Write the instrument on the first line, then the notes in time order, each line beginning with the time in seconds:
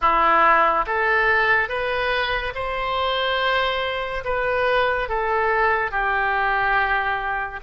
oboe
0.01 E4
0.86 A4
1.68 B4
2.54 C5
4.24 B4
5.09 A4
5.91 G4